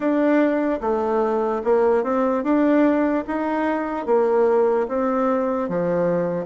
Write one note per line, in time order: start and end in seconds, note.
0.00 0.80 D4
0.81 1.62 A3
1.64 2.03 A#3
2.03 2.43 C4
2.43 3.24 D4
3.27 4.05 D#4
4.05 4.86 A#3
4.88 5.68 C4
5.68 6.45 F3